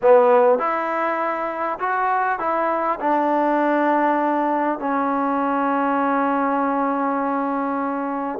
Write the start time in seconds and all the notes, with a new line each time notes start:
0.01 B3
0.58 E4
1.79 F#4
2.39 E4
3.00 D4
4.79 C#4